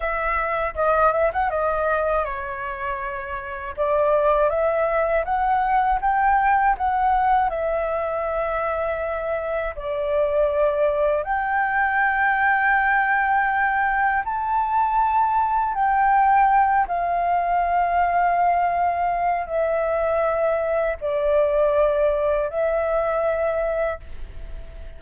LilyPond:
\new Staff \with { instrumentName = "flute" } { \time 4/4 \tempo 4 = 80 e''4 dis''8 e''16 fis''16 dis''4 cis''4~ | cis''4 d''4 e''4 fis''4 | g''4 fis''4 e''2~ | e''4 d''2 g''4~ |
g''2. a''4~ | a''4 g''4. f''4.~ | f''2 e''2 | d''2 e''2 | }